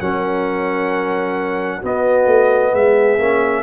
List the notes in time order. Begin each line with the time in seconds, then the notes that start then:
0.00 F#3 C#4 A#4 F#5
1.79 B3 F#4
1.85 D#5
2.26 A3
2.72 G#3 G#4 E5
3.18 A#3 C#4